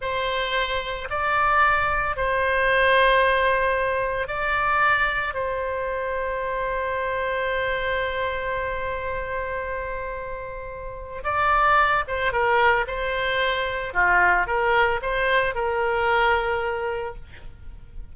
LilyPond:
\new Staff \with { instrumentName = "oboe" } { \time 4/4 \tempo 4 = 112 c''2 d''2 | c''1 | d''2 c''2~ | c''1~ |
c''1~ | c''4 d''4. c''8 ais'4 | c''2 f'4 ais'4 | c''4 ais'2. | }